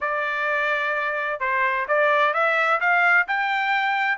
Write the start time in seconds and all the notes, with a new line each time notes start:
0.01 D5
1.40 C5
1.88 D5
2.33 E5
2.80 F5
3.27 G5